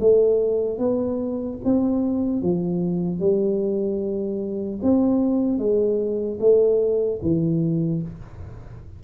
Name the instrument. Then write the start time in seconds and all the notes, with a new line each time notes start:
tuba
0.00 A3
0.78 B3
1.64 C4
2.42 F3
3.19 G3
4.83 C4
5.58 G#3
6.40 A3
7.22 E3